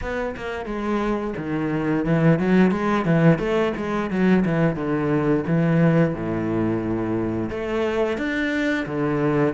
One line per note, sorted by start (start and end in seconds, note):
0.01 0.35 B3
0.36 0.65 A#3
0.65 1.34 G#3
1.36 2.05 D#3
2.05 2.39 E3
2.39 2.71 F#3
2.71 3.05 G#3
3.05 3.38 E3
3.38 3.72 A3
3.77 4.10 G#3
4.10 4.44 F#3
4.45 4.75 E3
4.75 5.44 D3
5.47 6.14 E3
6.14 7.49 A2
7.49 8.17 A3
8.17 8.85 D4
8.85 9.54 D3